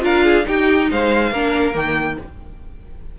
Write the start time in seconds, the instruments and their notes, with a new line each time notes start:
0.00 cello D4, viola F4, violin A#4 F5
0.24 violin G#4
0.44 viola D#4, cello D#4, violin G4 G5
0.91 cello G#3, violin C5 F5
1.31 cello A#3, viola D4, violin A#4
1.73 cello D#3, viola A#3, violin G5